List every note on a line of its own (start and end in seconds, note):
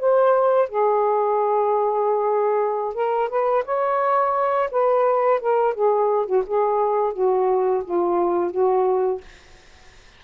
0.00 0.69 C5
0.69 2.95 G#4
2.95 3.29 A#4
3.30 3.65 B4
3.65 4.70 C#5
4.72 5.40 B4
5.40 5.74 A#4
5.74 6.26 G#4
6.26 6.44 F#4
6.47 7.14 G#4
7.14 7.84 F#4
7.85 8.51 F4
8.51 9.21 F#4